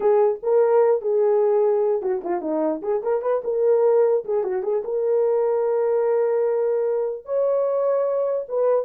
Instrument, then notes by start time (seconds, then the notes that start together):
horn
0.00 G#4
0.42 A#4
1.01 G#4
2.01 F#4
2.23 F4
2.41 D#4
2.82 G#4
3.02 A#4
3.22 B4
3.43 A#4
4.25 G#4
4.43 F#4
4.62 G#4
4.84 A#4
7.25 C#5
8.48 B4